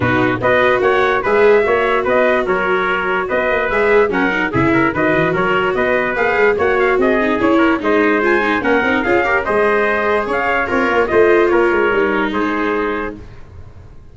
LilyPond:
<<
  \new Staff \with { instrumentName = "trumpet" } { \time 4/4 \tempo 4 = 146 b'4 dis''4 fis''4 e''4~ | e''4 dis''4 cis''2 | dis''4 e''4 fis''4 e''4 | dis''4 cis''4 dis''4 f''4 |
fis''8 f''8 dis''4 cis''4 dis''4 | gis''4 fis''4 f''4 dis''4~ | dis''4 f''4 cis''4 dis''4 | cis''2 c''2 | }
  \new Staff \with { instrumentName = "trumpet" } { \time 4/4 fis'4 b'4 cis''4 b'4 | cis''4 b'4 ais'2 | b'2 ais'4 gis'8 ais'8 | b'4 ais'4 b'2 |
cis''4 gis'4. ais'8 c''4~ | c''4 ais'4 gis'8 ais'8 c''4~ | c''4 cis''4 f'4 c''4 | ais'2 gis'2 | }
  \new Staff \with { instrumentName = "viola" } { \time 4/4 dis'4 fis'2 gis'4 | fis'1~ | fis'4 gis'4 cis'8 dis'8 e'4 | fis'2. gis'4 |
fis'4. dis'8 e'4 dis'4 | f'8 dis'8 cis'8 dis'8 f'8 g'8 gis'4~ | gis'2 ais'4 f'4~ | f'4 dis'2. | }
  \new Staff \with { instrumentName = "tuba" } { \time 4/4 b,4 b4 ais4 gis4 | ais4 b4 fis2 | b8 ais8 gis4 fis4 cis4 | dis8 e8 fis4 b4 ais8 gis8 |
ais4 c'4 cis'4 gis4~ | gis4 ais8 c'8 cis'4 gis4~ | gis4 cis'4 c'8 ais8 a4 | ais8 gis8 g4 gis2 | }
>>